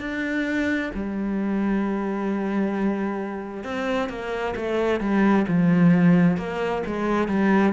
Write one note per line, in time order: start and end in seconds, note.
0.00 0.91 D4
0.94 3.64 G3
3.64 4.09 C4
4.09 4.54 A#3
4.56 5.00 A3
5.00 5.45 G3
5.48 6.37 F3
6.37 6.82 A#3
6.86 7.28 G#3
7.28 7.73 G3